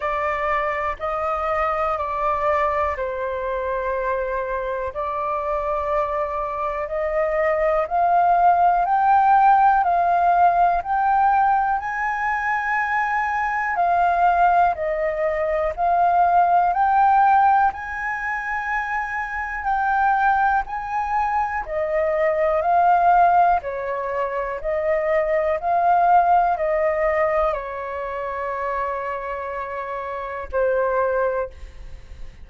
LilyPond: \new Staff \with { instrumentName = "flute" } { \time 4/4 \tempo 4 = 61 d''4 dis''4 d''4 c''4~ | c''4 d''2 dis''4 | f''4 g''4 f''4 g''4 | gis''2 f''4 dis''4 |
f''4 g''4 gis''2 | g''4 gis''4 dis''4 f''4 | cis''4 dis''4 f''4 dis''4 | cis''2. c''4 | }